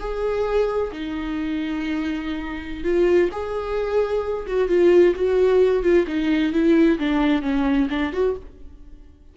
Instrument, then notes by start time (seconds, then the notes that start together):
viola
0.00 G#4
0.92 D#4
2.84 F4
3.32 G#4
4.47 F#4
4.69 F4
5.15 F#4
5.83 F4
6.07 D#4
6.53 E4
6.99 D4
7.42 C#4
7.90 D4
8.13 F#4